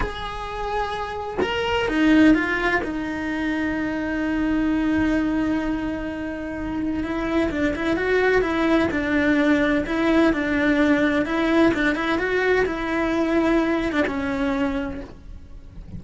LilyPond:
\new Staff \with { instrumentName = "cello" } { \time 4/4 \tempo 4 = 128 gis'2. ais'4 | dis'4 f'4 dis'2~ | dis'1~ | dis'2. e'4 |
d'8 e'8 fis'4 e'4 d'4~ | d'4 e'4 d'2 | e'4 d'8 e'8 fis'4 e'4~ | e'4.~ e'16 d'16 cis'2 | }